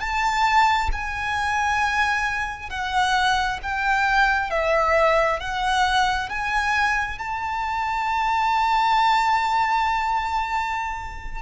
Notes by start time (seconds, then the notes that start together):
0.00 A5
0.92 G#5
2.69 F#5
3.63 G5
4.50 E5
5.40 F#5
6.29 G#5
7.18 A5